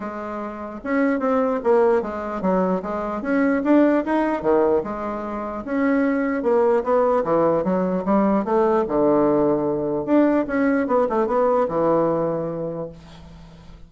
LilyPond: \new Staff \with { instrumentName = "bassoon" } { \time 4/4 \tempo 4 = 149 gis2 cis'4 c'4 | ais4 gis4 fis4 gis4 | cis'4 d'4 dis'4 dis4 | gis2 cis'2 |
ais4 b4 e4 fis4 | g4 a4 d2~ | d4 d'4 cis'4 b8 a8 | b4 e2. | }